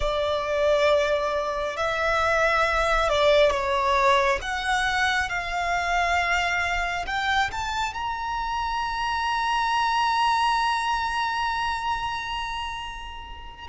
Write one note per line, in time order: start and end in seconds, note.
0.00 1.76 D5
1.76 3.09 E5
3.09 3.51 D5
3.51 4.39 C#5
4.41 5.29 F#5
5.29 7.05 F5
7.06 7.50 G5
7.51 7.94 A5
7.94 13.67 A#5